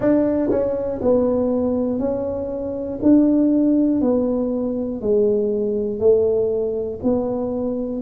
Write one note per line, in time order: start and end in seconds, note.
0.00 0.50 D4
0.50 1.00 C#4
1.01 1.99 B3
1.99 2.99 C#4
3.02 4.00 D4
4.00 5.00 B3
5.01 5.99 G#3
5.99 6.99 A3
7.03 8.02 B3